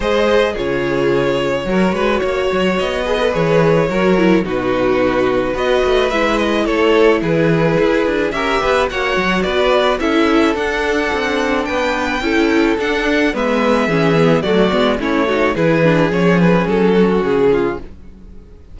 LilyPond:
<<
  \new Staff \with { instrumentName = "violin" } { \time 4/4 \tempo 4 = 108 dis''4 cis''2.~ | cis''4 dis''4 cis''2 | b'2 dis''4 e''8 dis''8 | cis''4 b'2 e''4 |
fis''4 d''4 e''4 fis''4~ | fis''4 g''2 fis''4 | e''2 d''4 cis''4 | b'4 cis''8 b'8 a'4 gis'4 | }
  \new Staff \with { instrumentName = "violin" } { \time 4/4 c''4 gis'2 ais'8 b'8 | cis''4. b'4. ais'4 | fis'2 b'2 | a'4 gis'2 ais'8 b'8 |
cis''4 b'4 a'2~ | a'4 b'4 a'2 | b'4 gis'4 fis'4 e'8 fis'8 | gis'2~ gis'8 fis'4 f'8 | }
  \new Staff \with { instrumentName = "viola" } { \time 4/4 gis'4 f'2 fis'4~ | fis'4. gis'16 a'16 gis'4 fis'8 e'8 | dis'2 fis'4 e'4~ | e'2. g'4 |
fis'2 e'4 d'4~ | d'2 e'4 d'4 | b4 cis'8 b8 a8 b8 cis'8 dis'8 | e'8 d'8 cis'2. | }
  \new Staff \with { instrumentName = "cello" } { \time 4/4 gis4 cis2 fis8 gis8 | ais8 fis8 b4 e4 fis4 | b,2 b8 a8 gis4 | a4 e4 e'8 d'8 cis'8 b8 |
ais8 fis8 b4 cis'4 d'4 | c'4 b4 cis'4 d'4 | gis4 e4 fis8 gis8 a4 | e4 f4 fis4 cis4 | }
>>